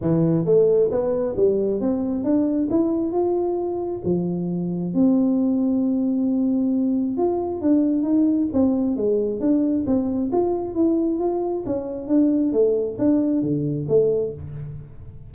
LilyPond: \new Staff \with { instrumentName = "tuba" } { \time 4/4 \tempo 4 = 134 e4 a4 b4 g4 | c'4 d'4 e'4 f'4~ | f'4 f2 c'4~ | c'1 |
f'4 d'4 dis'4 c'4 | gis4 d'4 c'4 f'4 | e'4 f'4 cis'4 d'4 | a4 d'4 d4 a4 | }